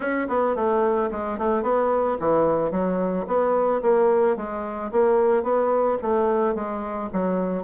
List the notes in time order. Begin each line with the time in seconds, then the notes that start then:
0.00 C#4
0.28 B3
0.55 A3
1.11 G#3
1.38 A3
1.62 B3
2.19 E3
2.71 F#3
3.27 B3
3.82 A#3
4.36 G#3
4.91 A#3
5.43 B3
6.02 A3
6.55 G#3
7.12 F#3